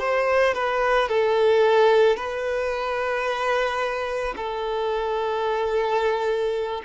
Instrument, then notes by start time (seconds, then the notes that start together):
violin
0.00 C5
0.55 B4
1.09 A4
2.17 B4
4.37 A4